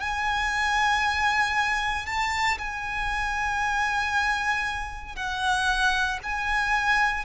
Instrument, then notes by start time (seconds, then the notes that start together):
violin
0.00 G#5
2.06 A5
2.58 G#5
5.15 F#5
6.23 G#5